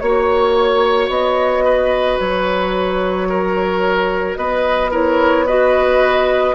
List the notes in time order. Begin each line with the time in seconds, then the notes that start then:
0.00 A#3 F#4 C#5
1.09 B3 D#5
1.65 B4
2.20 F#3 C#5
3.30 A#4
4.36 B3 B4 D#5
4.91 E4 A#4 C#5
5.47 F#4 B4 D#5